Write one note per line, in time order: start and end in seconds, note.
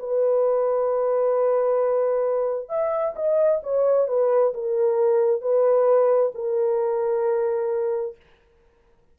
0.00 2.69 B4
2.69 3.15 E5
3.16 3.62 D#5
3.63 4.08 C#5
4.08 4.54 B4
4.54 5.42 A#4
5.42 6.33 B4
6.35 8.17 A#4